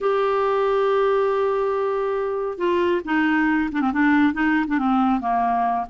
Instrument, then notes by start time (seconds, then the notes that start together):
clarinet
0.00 G4
2.58 F4
3.04 D#4
3.72 D4
3.81 C4
3.92 D4
4.33 D#4
4.67 D4
4.78 C4
5.20 A#3